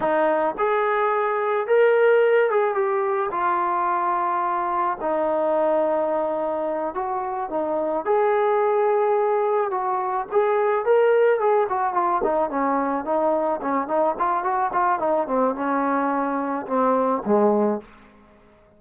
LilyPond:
\new Staff \with { instrumentName = "trombone" } { \time 4/4 \tempo 4 = 108 dis'4 gis'2 ais'4~ | ais'8 gis'8 g'4 f'2~ | f'4 dis'2.~ | dis'8 fis'4 dis'4 gis'4.~ |
gis'4. fis'4 gis'4 ais'8~ | ais'8 gis'8 fis'8 f'8 dis'8 cis'4 dis'8~ | dis'8 cis'8 dis'8 f'8 fis'8 f'8 dis'8 c'8 | cis'2 c'4 gis4 | }